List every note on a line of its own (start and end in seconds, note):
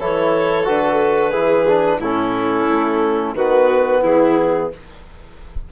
0.00 0.67 E3
0.00 0.64 E4
0.00 1.31 A4
0.00 0.66 C#5
0.64 1.35 D3
0.64 1.32 F#4
0.64 2.01 B4
1.31 1.99 E3
1.31 1.66 E4
1.31 1.98 G#4
1.68 2.02 D4
1.99 2.66 A2
1.99 3.37 C#4
1.99 3.35 E4
1.99 3.36 A4
2.69 3.34 A3
3.34 4.02 D#3
3.34 4.72 B3
3.34 4.01 F#4
3.34 4.03 B4
4.01 4.71 E3
4.01 4.69 E4
4.01 4.71 G#4